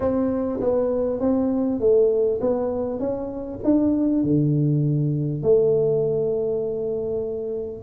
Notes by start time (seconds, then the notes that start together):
0.00 C4
0.60 B3
1.19 C4
1.79 A3
2.40 B3
2.99 C#4
3.64 D4
4.23 D3
5.42 A3